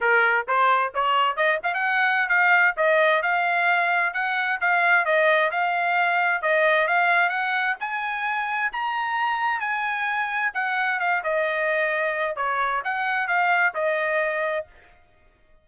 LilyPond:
\new Staff \with { instrumentName = "trumpet" } { \time 4/4 \tempo 4 = 131 ais'4 c''4 cis''4 dis''8 f''16 fis''16~ | fis''4 f''4 dis''4 f''4~ | f''4 fis''4 f''4 dis''4 | f''2 dis''4 f''4 |
fis''4 gis''2 ais''4~ | ais''4 gis''2 fis''4 | f''8 dis''2~ dis''8 cis''4 | fis''4 f''4 dis''2 | }